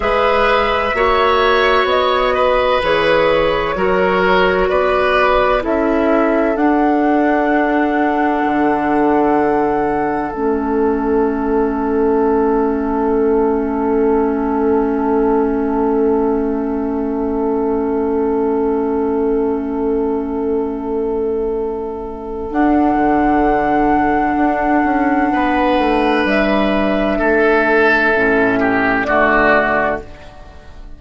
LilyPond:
<<
  \new Staff \with { instrumentName = "flute" } { \time 4/4 \tempo 4 = 64 e''2 dis''4 cis''4~ | cis''4 d''4 e''4 fis''4~ | fis''2. e''4~ | e''1~ |
e''1~ | e''1 | fis''1 | e''2. d''4 | }
  \new Staff \with { instrumentName = "oboe" } { \time 4/4 b'4 cis''4. b'4. | ais'4 b'4 a'2~ | a'1~ | a'1~ |
a'1~ | a'1~ | a'2. b'4~ | b'4 a'4. g'8 fis'4 | }
  \new Staff \with { instrumentName = "clarinet" } { \time 4/4 gis'4 fis'2 gis'4 | fis'2 e'4 d'4~ | d'2. cis'4~ | cis'1~ |
cis'1~ | cis'1 | d'1~ | d'2 cis'4 a4 | }
  \new Staff \with { instrumentName = "bassoon" } { \time 4/4 gis4 ais4 b4 e4 | fis4 b4 cis'4 d'4~ | d'4 d2 a4~ | a1~ |
a1~ | a1 | d'8 d4. d'8 cis'8 b8 a8 | g4 a4 a,4 d4 | }
>>